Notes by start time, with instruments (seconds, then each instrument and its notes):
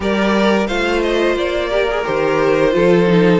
0.00 cello G3, viola G4, violin A#4 D5
0.67 cello A3, viola F4, violin C5 F5
1.01 violin D#5
1.35 cello A#3, violin D5
1.70 viola G4, violin A#4
1.90 viola G#4
2.04 cello D#3, viola G4, violin C5
2.70 cello F3, viola F4, violin A4
3.06 viola D#4